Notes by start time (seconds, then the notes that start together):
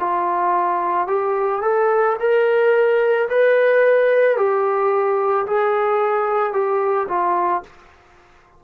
0.00 F4
1.08 G4
1.62 A4
2.20 A#4
3.30 B4
4.37 G4
5.46 G#4
6.53 G4
7.09 F4